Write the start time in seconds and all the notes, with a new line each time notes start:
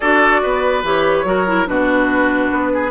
0.00 D4 F#4 A4 D5
0.43 B3 B4
0.83 E3 G4 C#5
1.24 F#3 F#4 A#4
1.46 E4
1.66 B2 D4 F#4 B4
2.51 B3
2.73 G#4